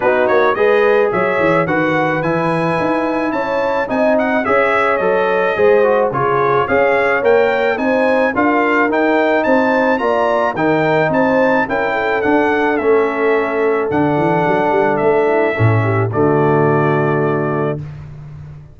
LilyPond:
<<
  \new Staff \with { instrumentName = "trumpet" } { \time 4/4 \tempo 4 = 108 b'8 cis''8 dis''4 e''4 fis''4 | gis''2 a''4 gis''8 fis''8 | e''4 dis''2 cis''4 | f''4 g''4 gis''4 f''4 |
g''4 a''4 ais''4 g''4 | a''4 g''4 fis''4 e''4~ | e''4 fis''2 e''4~ | e''4 d''2. | }
  \new Staff \with { instrumentName = "horn" } { \time 4/4 fis'4 b'4 cis''4 b'4~ | b'2 cis''4 dis''4 | cis''2 c''4 gis'4 | cis''2 c''4 ais'4~ |
ais'4 c''4 d''4 ais'4 | c''4 ais'8 a'2~ a'8~ | a'2.~ a'8 e'8 | a'8 g'8 fis'2. | }
  \new Staff \with { instrumentName = "trombone" } { \time 4/4 dis'4 gis'2 fis'4 | e'2. dis'4 | gis'4 a'4 gis'8 fis'8 f'4 | gis'4 ais'4 dis'4 f'4 |
dis'2 f'4 dis'4~ | dis'4 e'4 d'4 cis'4~ | cis'4 d'2. | cis'4 a2. | }
  \new Staff \with { instrumentName = "tuba" } { \time 4/4 b8 ais8 gis4 fis8 e8 dis4 | e4 dis'4 cis'4 c'4 | cis'4 fis4 gis4 cis4 | cis'4 ais4 c'4 d'4 |
dis'4 c'4 ais4 dis4 | c'4 cis'4 d'4 a4~ | a4 d8 e8 fis8 g8 a4 | a,4 d2. | }
>>